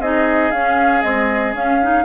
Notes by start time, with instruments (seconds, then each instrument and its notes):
0.00 bassoon C4, clarinet D#4, oboe G#4, flute D#5
0.51 bassoon C#4, clarinet C#4, flute F5
1.02 clarinet G#3, bassoon C4, flute D#5
1.54 bassoon C#4, clarinet C#4, flute F5
1.82 clarinet D#4